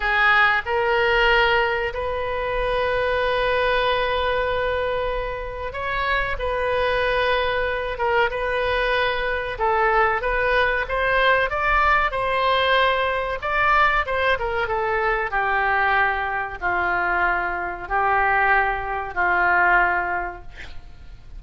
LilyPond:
\new Staff \with { instrumentName = "oboe" } { \time 4/4 \tempo 4 = 94 gis'4 ais'2 b'4~ | b'1~ | b'4 cis''4 b'2~ | b'8 ais'8 b'2 a'4 |
b'4 c''4 d''4 c''4~ | c''4 d''4 c''8 ais'8 a'4 | g'2 f'2 | g'2 f'2 | }